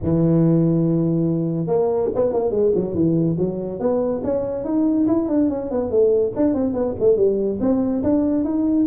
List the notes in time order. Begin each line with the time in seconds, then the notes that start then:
0.02 E3
1.66 A#3
2.15 B3
2.33 A#3
2.50 G#3
2.75 F#3
2.94 E3
3.38 F#3
3.79 B3
4.23 C#4
4.64 D#4
5.07 E4
5.28 D4
5.49 C#4
5.70 B3
5.90 A3
6.36 D4
6.54 C4
6.73 B3
6.99 A3
7.16 G3
7.60 C4
8.03 D4
8.44 D#4